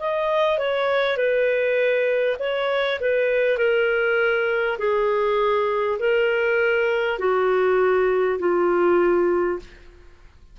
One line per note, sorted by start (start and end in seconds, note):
0.00 0.59 D#5
0.59 1.17 C#5
1.17 2.37 B4
2.39 2.99 C#5
3.01 3.58 B4
3.58 4.78 A#4
4.79 5.99 G#4
5.99 7.19 A#4
7.19 8.39 F#4
8.39 9.59 F4